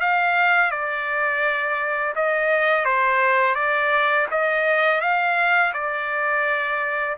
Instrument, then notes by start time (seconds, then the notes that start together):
trumpet
0.00 F5
0.71 D5
2.15 D#5
2.85 C5
3.55 D5
4.31 D#5
5.01 F5
5.73 D5